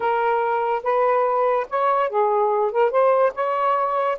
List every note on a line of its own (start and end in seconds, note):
0.00 0.82 A#4
0.83 1.66 B4
1.69 2.09 C#5
2.09 2.71 G#4
2.71 2.91 A#4
2.91 3.32 C5
3.34 4.18 C#5